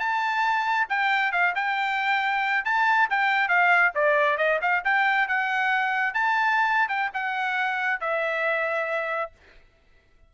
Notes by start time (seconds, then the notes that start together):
0.00 A5
0.90 G5
1.32 F5
1.55 G5
2.65 A5
3.11 G5
3.49 F5
3.95 D5
4.38 D#5
4.62 F5
4.85 G5
5.28 F#5
6.15 A5
6.89 G5
7.14 F#5
8.01 E5